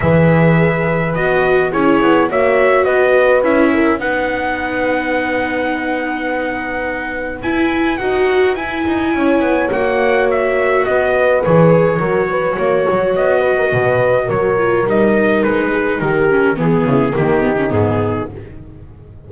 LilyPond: <<
  \new Staff \with { instrumentName = "trumpet" } { \time 4/4 \tempo 4 = 105 e''2 dis''4 cis''4 | e''4 dis''4 e''4 fis''4~ | fis''1~ | fis''4 gis''4 fis''4 gis''4~ |
gis''4 fis''4 e''4 dis''4 | cis''2. dis''4~ | dis''4 cis''4 dis''4 b'4 | ais'4 gis'4 g'4 gis'4 | }
  \new Staff \with { instrumentName = "horn" } { \time 4/4 b'2. gis'4 | cis''4 b'4. ais'8 b'4~ | b'1~ | b'1 |
cis''2. b'4~ | b'4 ais'8 b'8 cis''4. b'16 ais'16 | b'4 ais'2~ ais'8 gis'8 | g'4 gis'8 e'8 dis'2 | }
  \new Staff \with { instrumentName = "viola" } { \time 4/4 gis'2 fis'4 e'4 | fis'2 e'4 dis'4~ | dis'1~ | dis'4 e'4 fis'4 e'4~ |
e'4 fis'2. | gis'4 fis'2.~ | fis'4. f'8 dis'2~ | dis'8 cis'8 b4 ais8 b16 cis'16 b4 | }
  \new Staff \with { instrumentName = "double bass" } { \time 4/4 e2 b4 cis'8 b8 | ais4 b4 cis'4 b4~ | b1~ | b4 e'4 dis'4 e'8 dis'8 |
cis'8 b8 ais2 b4 | e4 fis4 ais8 fis8 b4 | b,4 fis4 g4 gis4 | dis4 e8 cis8 dis4 gis,4 | }
>>